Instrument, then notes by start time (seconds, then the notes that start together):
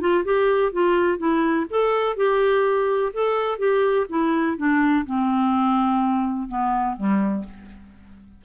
clarinet
0.00 F4
0.24 G4
0.72 F4
1.18 E4
1.70 A4
2.16 G4
3.13 A4
3.58 G4
4.09 E4
4.57 D4
5.06 C4
6.48 B3
6.96 G3